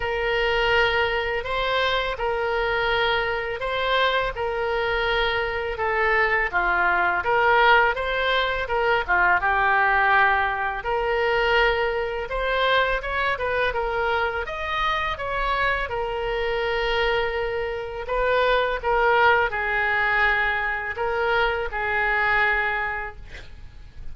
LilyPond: \new Staff \with { instrumentName = "oboe" } { \time 4/4 \tempo 4 = 83 ais'2 c''4 ais'4~ | ais'4 c''4 ais'2 | a'4 f'4 ais'4 c''4 | ais'8 f'8 g'2 ais'4~ |
ais'4 c''4 cis''8 b'8 ais'4 | dis''4 cis''4 ais'2~ | ais'4 b'4 ais'4 gis'4~ | gis'4 ais'4 gis'2 | }